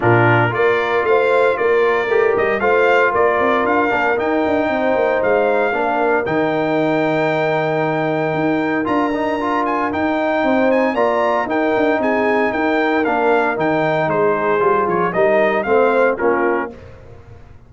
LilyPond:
<<
  \new Staff \with { instrumentName = "trumpet" } { \time 4/4 \tempo 4 = 115 ais'4 d''4 f''4 d''4~ | d''8 dis''8 f''4 d''4 f''4 | g''2 f''2 | g''1~ |
g''4 ais''4. gis''8 g''4~ | g''8 gis''8 ais''4 g''4 gis''4 | g''4 f''4 g''4 c''4~ | c''8 cis''8 dis''4 f''4 ais'4 | }
  \new Staff \with { instrumentName = "horn" } { \time 4/4 f'4 ais'4 c''4 ais'4~ | ais'4 c''4 ais'2~ | ais'4 c''2 ais'4~ | ais'1~ |
ais'1 | c''4 d''4 ais'4 gis'4 | ais'2. gis'4~ | gis'4 ais'4 c''4 f'4 | }
  \new Staff \with { instrumentName = "trombone" } { \time 4/4 d'4 f'2. | g'4 f'2~ f'8 d'8 | dis'2. d'4 | dis'1~ |
dis'4 f'8 dis'8 f'4 dis'4~ | dis'4 f'4 dis'2~ | dis'4 d'4 dis'2 | f'4 dis'4 c'4 cis'4 | }
  \new Staff \with { instrumentName = "tuba" } { \time 4/4 ais,4 ais4 a4 ais4 | a8 g8 a4 ais8 c'8 d'8 ais8 | dis'8 d'8 c'8 ais8 gis4 ais4 | dis1 |
dis'4 d'2 dis'4 | c'4 ais4 dis'8 d'8 c'4 | dis'4 ais4 dis4 gis4 | g8 f8 g4 a4 ais4 | }
>>